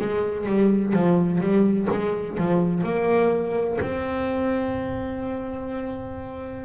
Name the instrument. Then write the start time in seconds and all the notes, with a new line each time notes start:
double bass
0.00 G#3
0.46 G3
0.94 F3
1.41 G3
1.90 G#3
2.38 F3
2.84 A#3
3.81 C4